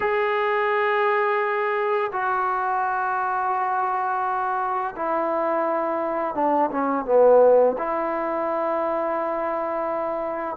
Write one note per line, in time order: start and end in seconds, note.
0.00 2.11 G#4
2.12 4.94 F#4
4.96 6.34 E4
6.34 6.70 D4
6.71 7.05 C#4
7.05 7.76 B3
7.78 10.56 E4